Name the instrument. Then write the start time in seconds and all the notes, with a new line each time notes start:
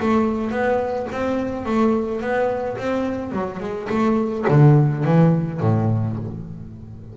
double bass
0.00 A3
0.51 B3
1.12 C4
1.65 A3
2.21 B3
2.77 C4
3.32 F#3
3.60 G#3
3.89 A3
4.48 D3
5.04 E3
5.60 A2